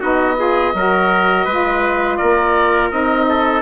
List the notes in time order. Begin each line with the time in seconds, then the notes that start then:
0.00 B3 D#4 F#4 D#5
0.37 F4 G#4
0.74 F#3 F#4 A#4
1.45 G#3 F4 B4
2.17 A#3 A#4 D5
2.91 C4 D#4 D#5
3.29 A4